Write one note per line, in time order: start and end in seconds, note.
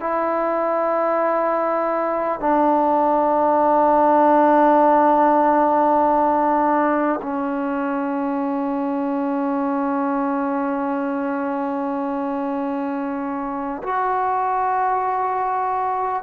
0.00 2.39 E4
2.39 7.19 D4
7.22 13.82 C#4
13.83 16.22 F#4